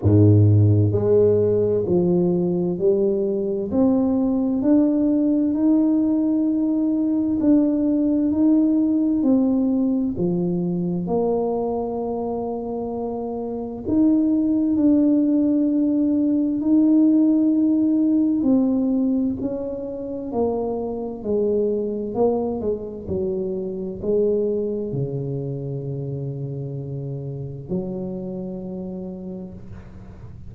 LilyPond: \new Staff \with { instrumentName = "tuba" } { \time 4/4 \tempo 4 = 65 gis,4 gis4 f4 g4 | c'4 d'4 dis'2 | d'4 dis'4 c'4 f4 | ais2. dis'4 |
d'2 dis'2 | c'4 cis'4 ais4 gis4 | ais8 gis8 fis4 gis4 cis4~ | cis2 fis2 | }